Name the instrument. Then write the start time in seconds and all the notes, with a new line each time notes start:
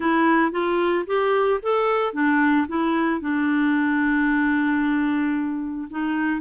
clarinet
0.00 E4
0.51 F4
1.06 G4
1.62 A4
2.13 D4
2.68 E4
3.20 D4
5.90 D#4